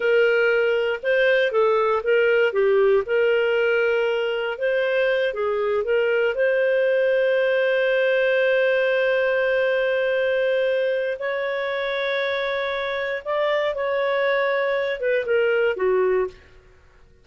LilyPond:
\new Staff \with { instrumentName = "clarinet" } { \time 4/4 \tempo 4 = 118 ais'2 c''4 a'4 | ais'4 g'4 ais'2~ | ais'4 c''4. gis'4 ais'8~ | ais'8 c''2.~ c''8~ |
c''1~ | c''2 cis''2~ | cis''2 d''4 cis''4~ | cis''4. b'8 ais'4 fis'4 | }